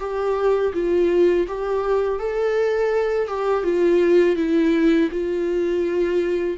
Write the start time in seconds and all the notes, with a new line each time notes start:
0.00 G4
0.74 F4
1.48 G4
2.20 A4
3.28 G4
3.64 F4
4.36 E4
5.11 F4